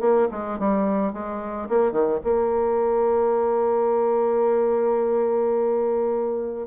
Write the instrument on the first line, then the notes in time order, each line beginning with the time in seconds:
bassoon
0.00 A#3
0.31 G#3
0.59 G3
1.13 G#3
1.69 A#3
1.92 D#3
2.24 A#3